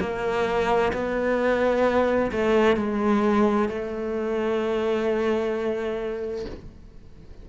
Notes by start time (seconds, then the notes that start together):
0.00 A#3
0.93 B3
2.32 A3
2.77 G#3
3.69 A3